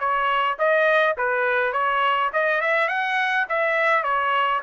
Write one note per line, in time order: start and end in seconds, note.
0.00 0.58 C#5
0.59 1.16 D#5
1.17 1.73 B4
1.73 2.31 C#5
2.33 2.61 D#5
2.61 2.88 E5
2.88 3.46 F#5
3.49 4.04 E5
4.04 4.61 C#5